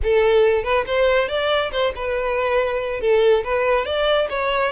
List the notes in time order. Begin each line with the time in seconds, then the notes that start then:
0.03 A4
0.63 B4
0.86 C5
1.28 D5
1.71 C5
1.95 B4
3.00 A4
3.44 B4
3.85 D5
4.29 C#5